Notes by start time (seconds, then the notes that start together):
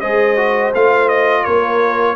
0.00 G#3 G#4 C5 D#5
0.36 F#4
0.74 A3 F4 F5
1.08 D#5
1.44 A#3 A#4 C#5